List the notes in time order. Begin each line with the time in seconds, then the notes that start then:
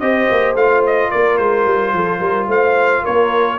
0.00 C4 G4 C5 D#5
0.31 A#3
0.54 A3 F4 F5
0.86 D#5
1.10 A#3 A#4 D5
1.37 G#3 C5
1.65 G3
1.93 F3 A4
2.19 G3 A#4
2.48 A3 C5 F5
3.02 A#3 A#4 C#5